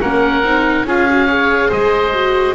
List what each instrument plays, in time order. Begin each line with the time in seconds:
0.00 double bass A#3, viola C#4, oboe A#4 F#5
0.43 double bass C4, viola D#4
0.83 double bass C#4, viola F4, oboe G#4 F5
1.09 viola F#4
1.26 viola G#4, oboe C#5
1.68 double bass G#3, oboe C5 D#5
2.13 viola F#4